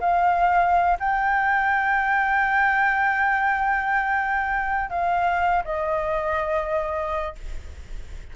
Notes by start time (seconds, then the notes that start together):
0.00 F5
1.00 G5
4.90 F5
5.65 D#5